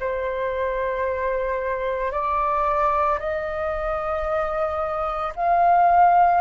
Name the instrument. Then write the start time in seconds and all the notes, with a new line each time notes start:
flute
0.00 C5
2.12 D5
3.19 D#5
5.36 F5